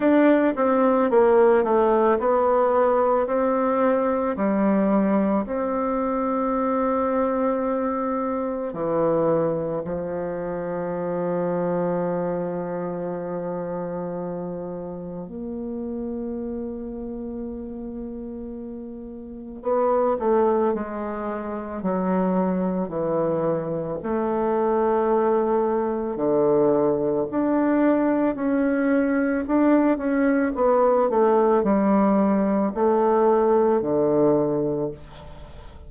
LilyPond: \new Staff \with { instrumentName = "bassoon" } { \time 4/4 \tempo 4 = 55 d'8 c'8 ais8 a8 b4 c'4 | g4 c'2. | e4 f2.~ | f2 ais2~ |
ais2 b8 a8 gis4 | fis4 e4 a2 | d4 d'4 cis'4 d'8 cis'8 | b8 a8 g4 a4 d4 | }